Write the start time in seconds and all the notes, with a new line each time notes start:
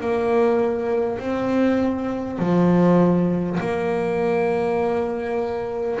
0.00 A#3
1.19 C4
2.38 F3
3.60 A#3